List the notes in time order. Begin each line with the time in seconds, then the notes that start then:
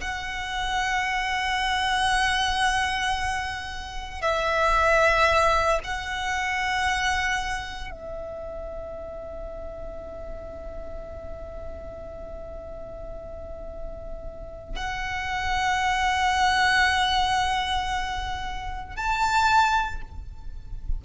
0.00 F#5
4.21 E5
5.83 F#5
7.90 E5
14.75 F#5
18.96 A5